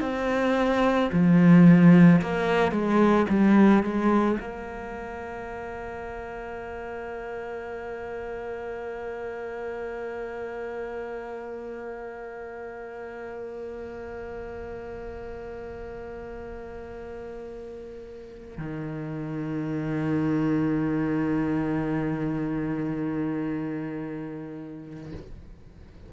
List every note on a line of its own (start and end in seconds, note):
0.00 1.09 C4
1.12 2.21 F3
2.21 2.71 A#3
2.71 3.26 G#3
3.29 3.83 G3
3.83 4.38 G#3
4.40 18.58 A#3
18.58 25.12 D#3